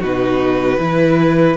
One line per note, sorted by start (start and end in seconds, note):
0.00 0.78 B2
0.00 0.78 D#4
0.00 0.78 F#4
0.00 1.57 B4
0.78 1.57 E3
0.78 1.57 E4
0.78 1.57 B4